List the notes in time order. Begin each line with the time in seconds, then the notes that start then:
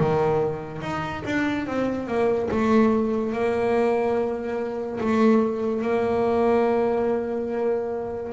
0.00 D#3
0.82 D#4
1.25 D4
1.67 C4
2.08 A#3
2.52 A3
3.33 A#3
5.00 A3
5.82 A#3